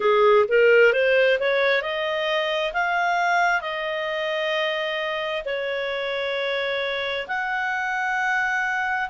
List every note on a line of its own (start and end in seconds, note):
0.00 0.45 G#4
0.48 0.93 A#4
0.93 1.38 C5
1.39 1.82 C#5
1.82 2.73 D#5
2.73 3.61 F5
3.61 5.43 D#5
5.45 7.27 C#5
7.27 9.09 F#5